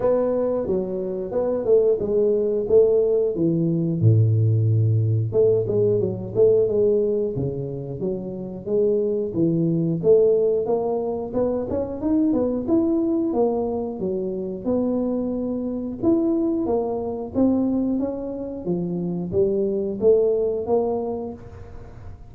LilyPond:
\new Staff \with { instrumentName = "tuba" } { \time 4/4 \tempo 4 = 90 b4 fis4 b8 a8 gis4 | a4 e4 a,2 | a8 gis8 fis8 a8 gis4 cis4 | fis4 gis4 e4 a4 |
ais4 b8 cis'8 dis'8 b8 e'4 | ais4 fis4 b2 | e'4 ais4 c'4 cis'4 | f4 g4 a4 ais4 | }